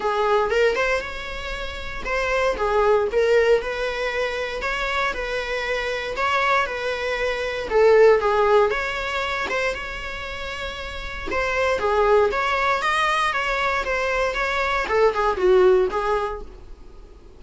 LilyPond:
\new Staff \with { instrumentName = "viola" } { \time 4/4 \tempo 4 = 117 gis'4 ais'8 c''8 cis''2 | c''4 gis'4 ais'4 b'4~ | b'4 cis''4 b'2 | cis''4 b'2 a'4 |
gis'4 cis''4. c''8 cis''4~ | cis''2 c''4 gis'4 | cis''4 dis''4 cis''4 c''4 | cis''4 a'8 gis'8 fis'4 gis'4 | }